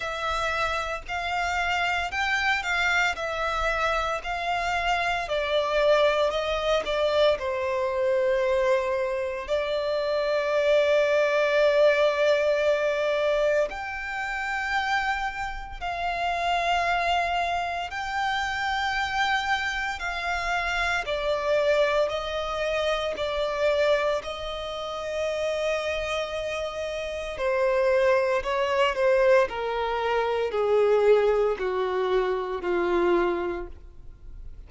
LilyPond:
\new Staff \with { instrumentName = "violin" } { \time 4/4 \tempo 4 = 57 e''4 f''4 g''8 f''8 e''4 | f''4 d''4 dis''8 d''8 c''4~ | c''4 d''2.~ | d''4 g''2 f''4~ |
f''4 g''2 f''4 | d''4 dis''4 d''4 dis''4~ | dis''2 c''4 cis''8 c''8 | ais'4 gis'4 fis'4 f'4 | }